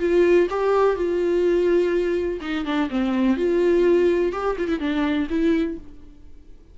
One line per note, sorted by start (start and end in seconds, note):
0.00 0.48 F4
0.50 0.97 G4
0.97 2.41 F4
2.42 2.66 D#4
2.66 2.90 D4
2.90 3.37 C4
3.37 4.33 F4
4.33 4.57 G4
4.58 4.69 F4
4.69 4.80 E4
4.80 5.28 D4
5.30 5.78 E4